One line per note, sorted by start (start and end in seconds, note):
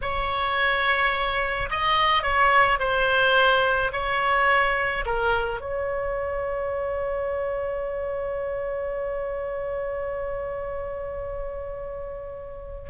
0.01 1.69 C#5
1.69 2.23 D#5
2.23 2.79 C#5
2.79 3.91 C5
3.92 5.04 C#5
5.05 5.60 A#4
5.60 12.89 C#5